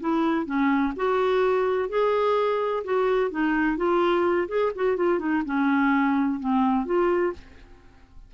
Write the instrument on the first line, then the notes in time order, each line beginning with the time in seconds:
clarinet
0.00 E4
0.46 C#4
0.96 F#4
1.89 G#4
2.84 F#4
3.31 D#4
3.77 F4
4.48 G#4
4.75 F#4
4.96 F4
5.19 D#4
5.45 C#4
6.40 C4
6.85 F4